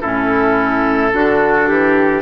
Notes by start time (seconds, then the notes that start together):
0.00 A2 C#4 E4 A4
1.12 D3 D4 F#4
1.68 E3 G4